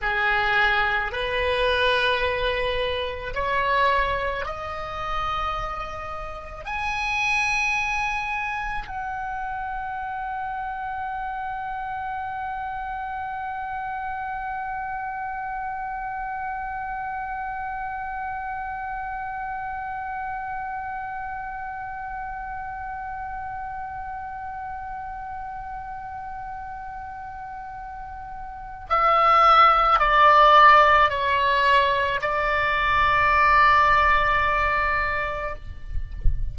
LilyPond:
\new Staff \with { instrumentName = "oboe" } { \time 4/4 \tempo 4 = 54 gis'4 b'2 cis''4 | dis''2 gis''2 | fis''1~ | fis''1~ |
fis''1~ | fis''1~ | fis''2 e''4 d''4 | cis''4 d''2. | }